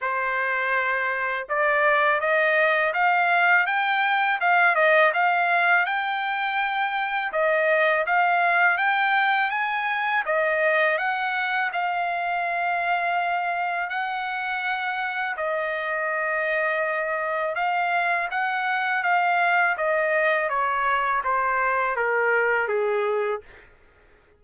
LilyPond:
\new Staff \with { instrumentName = "trumpet" } { \time 4/4 \tempo 4 = 82 c''2 d''4 dis''4 | f''4 g''4 f''8 dis''8 f''4 | g''2 dis''4 f''4 | g''4 gis''4 dis''4 fis''4 |
f''2. fis''4~ | fis''4 dis''2. | f''4 fis''4 f''4 dis''4 | cis''4 c''4 ais'4 gis'4 | }